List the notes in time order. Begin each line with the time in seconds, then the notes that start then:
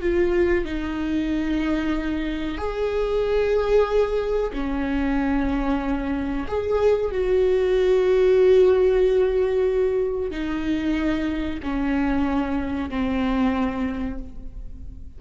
0.00 F4
0.65 D#4
2.58 G#4
4.53 C#4
6.48 G#4
7.11 F#4
10.31 D#4
11.62 C#4
12.89 C4